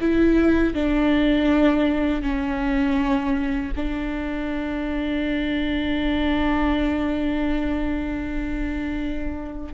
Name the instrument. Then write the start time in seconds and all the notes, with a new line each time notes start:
viola
0.00 E4
0.73 D4
2.21 C#4
3.76 D4